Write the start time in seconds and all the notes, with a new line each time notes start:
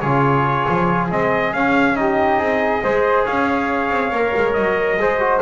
0.00 C#3 F4 G#4 C#5
0.69 F3
1.11 G#3 C4 D#5
1.53 C#4 F5
1.95 D#4 G4 D#5
2.39 C4 G#4
2.83 G#3 G#4 C5
3.25 C#4 C#5 F5
3.90 C4
4.12 A#3 A#4
4.36 G#3
4.53 F#3 D#5
4.96 G#3 G#4 C5
5.20 F#4